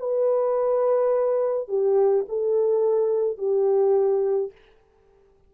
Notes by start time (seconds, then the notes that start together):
0.00 B4
1.69 G4
2.29 A4
3.38 G4